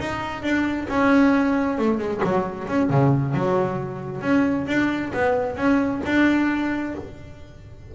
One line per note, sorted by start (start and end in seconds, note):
0.00 0.43 D#4
0.43 0.88 D4
0.89 1.78 C#4
1.78 1.99 A3
1.99 2.21 G#3
2.24 2.68 F#3
2.68 2.90 C#4
2.90 3.34 C#3
3.34 4.22 F#3
4.22 4.66 C#4
4.67 5.12 D4
5.14 5.57 B3
5.57 6.01 C#4
6.06 6.95 D4